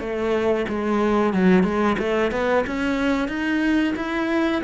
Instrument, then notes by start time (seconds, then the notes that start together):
cello
0.00 A3
0.69 G#3
1.33 F#3
1.63 G#3
1.99 A3
2.32 B3
2.67 C#4
3.28 D#4
3.96 E4